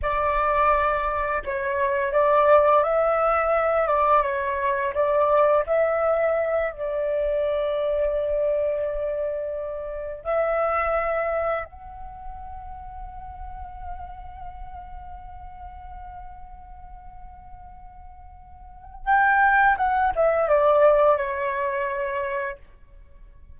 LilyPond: \new Staff \with { instrumentName = "flute" } { \time 4/4 \tempo 4 = 85 d''2 cis''4 d''4 | e''4. d''8 cis''4 d''4 | e''4. d''2~ d''8~ | d''2~ d''8 e''4.~ |
e''8 fis''2.~ fis''8~ | fis''1~ | fis''2. g''4 | fis''8 e''8 d''4 cis''2 | }